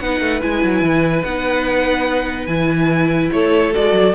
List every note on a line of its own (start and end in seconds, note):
0.00 0.21 B3
0.00 0.42 D#4
0.00 3.34 B4
0.00 0.41 F#5
0.21 0.41 A3
0.42 0.64 G#3
0.42 1.24 E4
0.42 1.23 G#5
0.64 0.82 F#3
0.82 1.23 E3
1.23 2.47 B3
1.23 2.49 D#4
1.23 2.46 F#5
2.46 3.30 E3
2.46 3.73 E4
2.46 3.29 G#5
3.33 3.75 A3
3.33 4.15 A4
3.33 3.74 C#5
3.73 3.92 G#3
3.73 4.14 F#4
3.73 4.15 D5
3.92 4.13 F#3